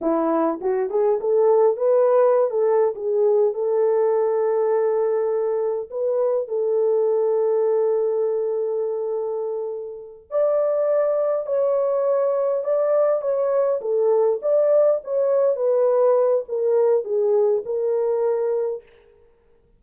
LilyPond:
\new Staff \with { instrumentName = "horn" } { \time 4/4 \tempo 4 = 102 e'4 fis'8 gis'8 a'4 b'4~ | b'16 a'8. gis'4 a'2~ | a'2 b'4 a'4~ | a'1~ |
a'4. d''2 cis''8~ | cis''4. d''4 cis''4 a'8~ | a'8 d''4 cis''4 b'4. | ais'4 gis'4 ais'2 | }